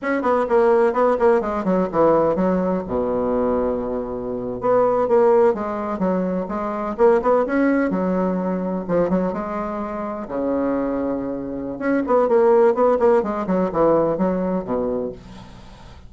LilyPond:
\new Staff \with { instrumentName = "bassoon" } { \time 4/4 \tempo 4 = 127 cis'8 b8 ais4 b8 ais8 gis8 fis8 | e4 fis4 b,2~ | b,4.~ b,16 b4 ais4 gis16~ | gis8. fis4 gis4 ais8 b8 cis'16~ |
cis'8. fis2 f8 fis8 gis16~ | gis4.~ gis16 cis2~ cis16~ | cis4 cis'8 b8 ais4 b8 ais8 | gis8 fis8 e4 fis4 b,4 | }